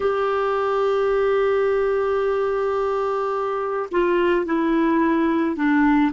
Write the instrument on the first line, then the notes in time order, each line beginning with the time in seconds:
clarinet
0.00 G4
3.91 F4
4.45 E4
5.56 D4